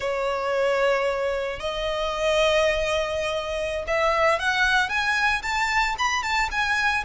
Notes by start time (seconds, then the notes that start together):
0.00 C#5
1.59 D#5
3.87 E5
4.39 F#5
4.88 G#5
5.42 A5
5.98 B5
6.22 A5
6.51 G#5